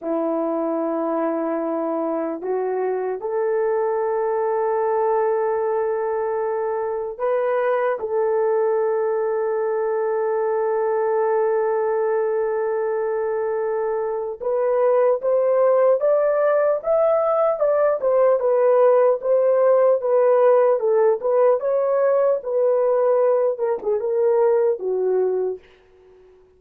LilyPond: \new Staff \with { instrumentName = "horn" } { \time 4/4 \tempo 4 = 75 e'2. fis'4 | a'1~ | a'4 b'4 a'2~ | a'1~ |
a'2 b'4 c''4 | d''4 e''4 d''8 c''8 b'4 | c''4 b'4 a'8 b'8 cis''4 | b'4. ais'16 gis'16 ais'4 fis'4 | }